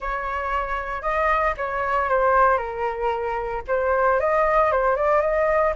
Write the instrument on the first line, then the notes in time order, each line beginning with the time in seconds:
flute
0.00 C#5
1.02 D#5
1.57 C#5
2.09 C5
2.57 A#4
3.67 C5
4.20 D#5
4.71 C5
4.96 D5
5.21 D#5